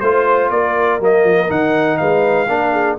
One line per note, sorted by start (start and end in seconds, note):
0.00 0.51 A3
0.00 1.00 F4
0.00 0.50 C5
0.00 0.52 C5
0.51 1.00 A#3
0.51 1.99 A#4
0.51 1.00 D5
1.00 1.23 F#3
1.00 1.48 A#3
1.00 1.51 D#5
1.23 1.48 F3
1.48 2.00 D#3
1.48 2.47 D#4
1.48 1.97 F#5
1.97 2.48 G#3
1.97 2.49 B4
1.97 2.96 F5
2.48 2.98 A#3
2.48 2.98 D4
2.48 2.72 A#4
2.72 2.97 G#4